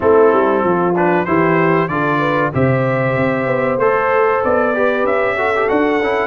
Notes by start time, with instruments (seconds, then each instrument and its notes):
0.00 tuba A3, trombone C4, horn E4, trumpet A4
0.32 tuba G3
0.63 tuba F3, horn F4
0.95 trombone D4, trumpet B4
1.25 tuba E3, trombone E4, horn G4, trumpet C5
1.88 tuba D3, trombone F4, horn A4, trumpet D5
2.19 horn B4
2.53 tuba C3, trombone G4, horn C5, trumpet E5
3.16 tuba C4
3.46 tuba B3
3.77 tuba A3, trombone A4, trumpet C5
4.44 tuba B3, trumpet D5
4.73 trombone G4, horn B4
5.03 tuba C#4, trumpet E5
5.36 trombone F#4, horn A4
5.55 trombone G4
5.68 tuba D4, trombone F#4, trumpet F#5
6.00 tuba C#4, trombone E4